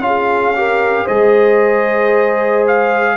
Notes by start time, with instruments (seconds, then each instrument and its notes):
0.00 tuba C#4, trombone F4, trumpet F5
0.06 horn G#4
0.56 trombone G4, horn A#4
1.05 tuba G#3, trombone G#4, horn C5, trumpet D#5
2.68 trumpet F5